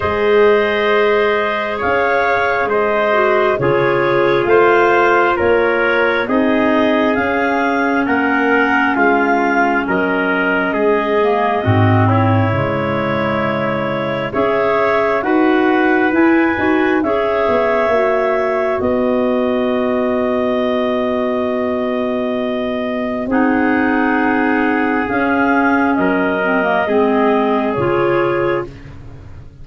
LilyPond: <<
  \new Staff \with { instrumentName = "clarinet" } { \time 4/4 \tempo 4 = 67 dis''2 f''4 dis''4 | cis''4 f''4 cis''4 dis''4 | f''4 fis''4 f''4 dis''4~ | dis''4. cis''2~ cis''8 |
e''4 fis''4 gis''4 e''4~ | e''4 dis''2.~ | dis''2 fis''2 | f''4 dis''2 cis''4 | }
  \new Staff \with { instrumentName = "trumpet" } { \time 4/4 c''2 cis''4 c''4 | gis'4 c''4 ais'4 gis'4~ | gis'4 ais'4 f'4 ais'4 | gis'4 fis'8 e'2~ e'8 |
cis''4 b'2 cis''4~ | cis''4 b'2.~ | b'2 gis'2~ | gis'4 ais'4 gis'2 | }
  \new Staff \with { instrumentName = "clarinet" } { \time 4/4 gis'2.~ gis'8 fis'8 | f'2. dis'4 | cis'1~ | cis'8 ais8 c'4 gis2 |
gis'4 fis'4 e'8 fis'8 gis'4 | fis'1~ | fis'2 dis'2 | cis'4. c'16 ais16 c'4 f'4 | }
  \new Staff \with { instrumentName = "tuba" } { \time 4/4 gis2 cis'4 gis4 | cis4 a4 ais4 c'4 | cis'4 ais4 gis4 fis4 | gis4 gis,4 cis2 |
cis'4 dis'4 e'8 dis'8 cis'8 b8 | ais4 b2.~ | b2 c'2 | cis'4 fis4 gis4 cis4 | }
>>